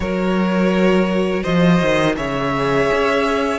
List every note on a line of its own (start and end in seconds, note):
0.00 1.43 F#3
0.00 2.16 F#4
0.00 1.42 A#4
0.00 1.43 C#5
1.42 1.81 F3
1.42 2.14 C5
1.42 2.15 D#5
1.81 2.17 D#3
2.16 2.90 C#3
2.16 3.59 G#4
2.16 3.59 C#5
2.16 3.59 E5
2.92 3.59 C#4